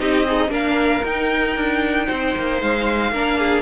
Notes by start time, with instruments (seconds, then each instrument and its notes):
0.00 cello C4, viola D#4, violin G4 D#5
0.26 violin D#4, viola G#4
0.49 cello A#3, viola D4, violin A#4 F5
1.04 cello D#4, viola D#4, violin G5
1.56 cello D4
2.07 cello C4, violin C5
2.36 cello A#3
2.62 cello G#3, violin F5
3.12 cello A#3, viola D4, violin A#4
3.39 violin G#4